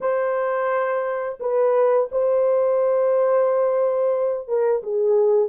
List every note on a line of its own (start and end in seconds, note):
0.00 1.38 C5
1.40 2.09 B4
2.11 4.48 C5
4.48 4.82 A#4
4.82 5.49 G#4